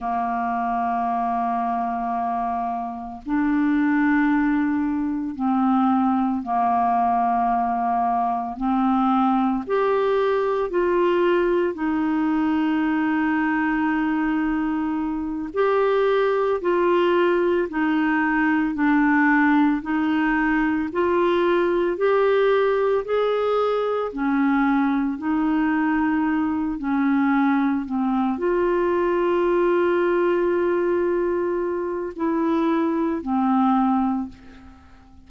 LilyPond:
\new Staff \with { instrumentName = "clarinet" } { \time 4/4 \tempo 4 = 56 ais2. d'4~ | d'4 c'4 ais2 | c'4 g'4 f'4 dis'4~ | dis'2~ dis'8 g'4 f'8~ |
f'8 dis'4 d'4 dis'4 f'8~ | f'8 g'4 gis'4 cis'4 dis'8~ | dis'4 cis'4 c'8 f'4.~ | f'2 e'4 c'4 | }